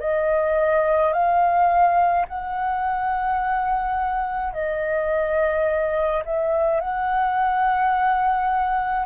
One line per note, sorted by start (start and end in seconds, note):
0.00 1.12 D#5
1.12 2.25 F5
2.27 4.53 F#5
4.53 6.23 D#5
6.25 6.80 E5
6.80 9.06 F#5